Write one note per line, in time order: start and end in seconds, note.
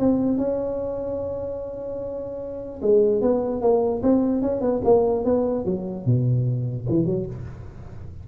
0.00 0.38 C4
0.38 2.82 C#4
2.82 3.22 G#3
3.22 3.62 B3
3.62 4.02 A#3
4.03 4.42 C4
4.42 4.62 C#4
4.62 4.82 B3
4.85 5.25 A#3
5.25 5.66 B3
5.66 6.06 F#3
6.06 6.87 B2
6.90 7.06 E3
7.06 7.27 F#3